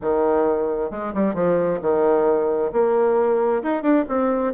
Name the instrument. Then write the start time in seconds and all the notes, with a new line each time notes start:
bassoon
0.01 D#3
0.90 G#3
1.14 G3
1.34 F3
1.81 D#3
2.72 A#3
3.63 D#4
3.82 D4
4.08 C4